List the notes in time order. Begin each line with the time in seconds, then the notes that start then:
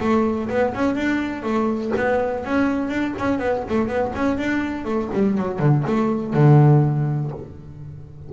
0.00 A3
0.49 B3
0.74 C#4
0.96 D4
1.43 A3
1.97 B3
2.45 C#4
2.89 D4
3.19 C#4
3.39 B3
3.69 A3
3.88 B3
4.15 C#4
4.38 D4
4.85 A3
5.13 G3
5.38 F#3
5.59 D3
5.87 A3
6.34 D3